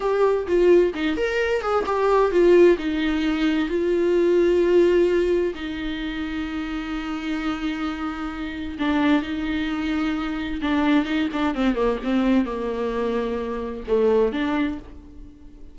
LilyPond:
\new Staff \with { instrumentName = "viola" } { \time 4/4 \tempo 4 = 130 g'4 f'4 dis'8 ais'4 gis'8 | g'4 f'4 dis'2 | f'1 | dis'1~ |
dis'2. d'4 | dis'2. d'4 | dis'8 d'8 c'8 ais8 c'4 ais4~ | ais2 a4 d'4 | }